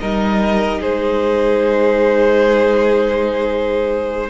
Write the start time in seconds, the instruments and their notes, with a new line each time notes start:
0.00 cello G3, viola D#4, violin A#4 D#5
0.81 cello G#3, violin G#4 C5